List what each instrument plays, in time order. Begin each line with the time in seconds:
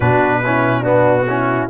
0.00 tuba B2, trombone D4, horn F#4, trumpet B4
0.44 trombone C#4, horn E4
0.80 trombone B3, horn D4, trumpet F#4
1.27 trombone C#4, horn E4